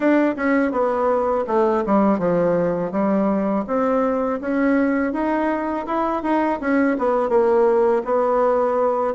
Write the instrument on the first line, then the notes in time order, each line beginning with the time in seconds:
bassoon
0.00 D4
0.36 C#4
0.71 B3
1.47 A3
1.86 G3
2.19 F3
2.91 G3
3.67 C4
4.40 C#4
5.12 D#4
5.86 E4
6.23 D#4
6.60 C#4
6.98 B3
7.29 A#3
8.05 B3